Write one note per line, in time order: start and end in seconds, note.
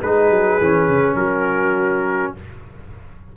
0.00 0.30 G#3
0.00 0.61 D#4
0.00 1.17 G#4
0.00 1.16 B4
0.30 0.59 F#3
0.61 0.89 E3
0.61 2.37 C#4
0.89 1.15 C#3
1.15 2.32 F#3
1.15 2.34 F#4
1.15 2.33 A#4